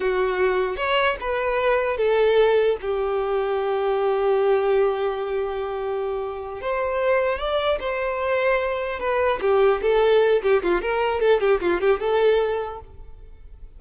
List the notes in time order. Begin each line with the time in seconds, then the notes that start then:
0.00 F#4
0.76 C#5
1.20 B4
1.97 A4
2.81 G4
6.61 C5
7.38 D5
7.79 C5
8.99 B4
9.41 G4
9.81 A4
10.42 G4
10.62 F4
10.81 A#4
11.20 A4
11.40 G4
11.61 F4
11.81 G4
11.99 A4